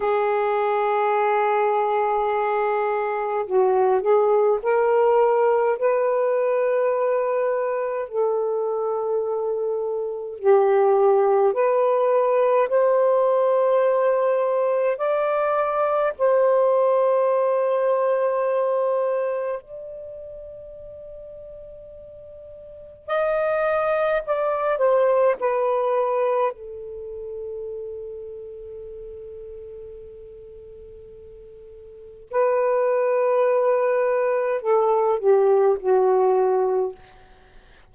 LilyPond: \new Staff \with { instrumentName = "saxophone" } { \time 4/4 \tempo 4 = 52 gis'2. fis'8 gis'8 | ais'4 b'2 a'4~ | a'4 g'4 b'4 c''4~ | c''4 d''4 c''2~ |
c''4 d''2. | dis''4 d''8 c''8 b'4 a'4~ | a'1 | b'2 a'8 g'8 fis'4 | }